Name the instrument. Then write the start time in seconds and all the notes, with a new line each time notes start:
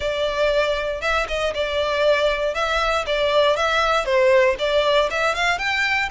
violin
0.00 D5
1.01 E5
1.28 D#5
1.54 D5
2.54 E5
3.06 D5
3.56 E5
4.05 C5
4.58 D5
5.10 E5
5.34 F5
5.58 G5